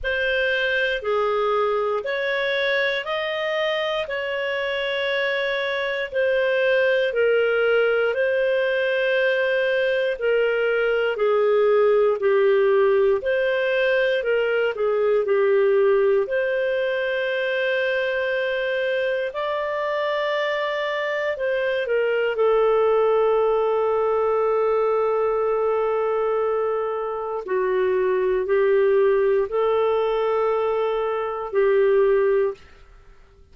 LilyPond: \new Staff \with { instrumentName = "clarinet" } { \time 4/4 \tempo 4 = 59 c''4 gis'4 cis''4 dis''4 | cis''2 c''4 ais'4 | c''2 ais'4 gis'4 | g'4 c''4 ais'8 gis'8 g'4 |
c''2. d''4~ | d''4 c''8 ais'8 a'2~ | a'2. fis'4 | g'4 a'2 g'4 | }